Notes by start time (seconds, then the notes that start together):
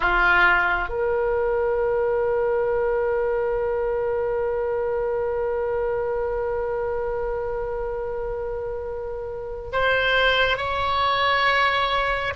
0.00 F4
0.88 A#4
9.72 C5
10.56 C#5